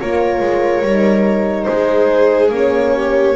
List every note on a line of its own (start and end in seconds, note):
0.00 0.40 A#3
0.00 0.85 F4
0.00 1.67 A#4
0.00 1.64 C#5
0.40 0.81 G#3
0.81 1.66 G3
0.81 2.51 D#4
1.64 2.50 G#3
1.64 2.94 G#4
1.64 2.48 C5
2.50 3.34 A#3
2.50 3.35 C#4
2.50 3.36 C#5
2.95 3.36 G4